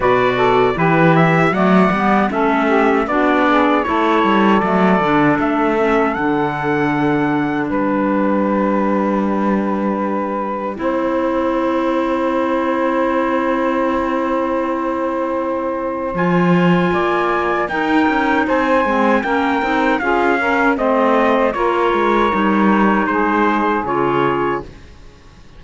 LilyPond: <<
  \new Staff \with { instrumentName = "trumpet" } { \time 4/4 \tempo 4 = 78 d''4 b'8 e''8 fis''4 e''4 | d''4 cis''4 d''4 e''4 | fis''2 g''2~ | g''1~ |
g''1~ | g''4 gis''2 g''4 | gis''4 g''4 f''4 dis''4 | cis''2 c''4 cis''4 | }
  \new Staff \with { instrumentName = "saxophone" } { \time 4/4 b'8 a'8 g'4 d''4 a'8 g'8 | fis'8 gis'8 a'2.~ | a'2 b'2~ | b'2 c''2~ |
c''1~ | c''2 d''4 ais'4 | c''4 ais'4 gis'8 ais'8 c''4 | ais'2 gis'2 | }
  \new Staff \with { instrumentName = "clarinet" } { \time 4/4 fis'4 e'4 a8 b8 cis'4 | d'4 e'4 a8 d'4 cis'8 | d'1~ | d'2 e'2~ |
e'1~ | e'4 f'2 dis'4~ | dis'8 c'8 cis'8 dis'8 f'8 cis'8 c'4 | f'4 dis'2 f'4 | }
  \new Staff \with { instrumentName = "cello" } { \time 4/4 b,4 e4 fis8 g8 a4 | b4 a8 g8 fis8 d8 a4 | d2 g2~ | g2 c'2~ |
c'1~ | c'4 f4 ais4 dis'8 cis'8 | c'8 gis8 ais8 c'8 cis'4 a4 | ais8 gis8 g4 gis4 cis4 | }
>>